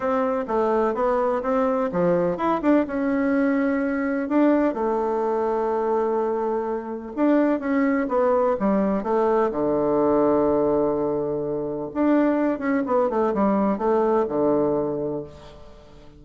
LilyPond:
\new Staff \with { instrumentName = "bassoon" } { \time 4/4 \tempo 4 = 126 c'4 a4 b4 c'4 | f4 e'8 d'8 cis'2~ | cis'4 d'4 a2~ | a2. d'4 |
cis'4 b4 g4 a4 | d1~ | d4 d'4. cis'8 b8 a8 | g4 a4 d2 | }